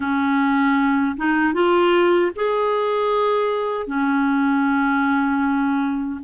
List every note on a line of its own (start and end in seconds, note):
0.00 1.15 C#4
1.17 1.53 D#4
1.53 2.31 F4
2.36 3.86 G#4
3.86 6.20 C#4